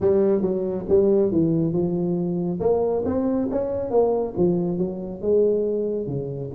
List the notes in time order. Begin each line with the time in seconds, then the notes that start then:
0.00 G3
0.41 F#3
0.88 G3
1.31 E3
1.72 F3
2.60 A#3
3.05 C4
3.51 C#4
3.90 A#3
4.37 F3
4.78 F#3
5.21 G#3
6.06 C#3